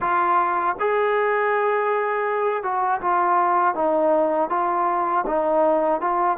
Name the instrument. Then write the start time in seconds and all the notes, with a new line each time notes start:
trombone
0.00 F4
0.79 G#4
2.62 F#4
3.01 F4
3.74 D#4
4.49 F4
5.26 D#4
6.00 F4